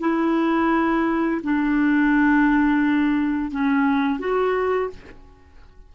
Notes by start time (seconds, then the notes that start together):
0.00 E4
1.43 D4
3.51 C#4
4.19 F#4